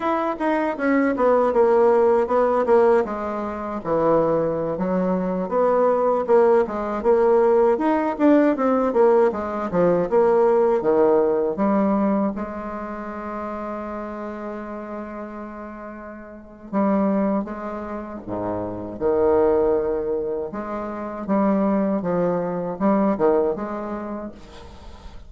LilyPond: \new Staff \with { instrumentName = "bassoon" } { \time 4/4 \tempo 4 = 79 e'8 dis'8 cis'8 b8 ais4 b8 ais8 | gis4 e4~ e16 fis4 b8.~ | b16 ais8 gis8 ais4 dis'8 d'8 c'8 ais16~ | ais16 gis8 f8 ais4 dis4 g8.~ |
g16 gis2.~ gis8.~ | gis2 g4 gis4 | gis,4 dis2 gis4 | g4 f4 g8 dis8 gis4 | }